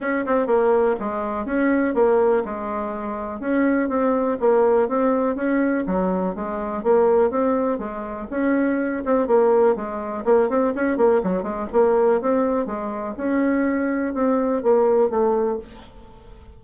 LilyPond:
\new Staff \with { instrumentName = "bassoon" } { \time 4/4 \tempo 4 = 123 cis'8 c'8 ais4 gis4 cis'4 | ais4 gis2 cis'4 | c'4 ais4 c'4 cis'4 | fis4 gis4 ais4 c'4 |
gis4 cis'4. c'8 ais4 | gis4 ais8 c'8 cis'8 ais8 fis8 gis8 | ais4 c'4 gis4 cis'4~ | cis'4 c'4 ais4 a4 | }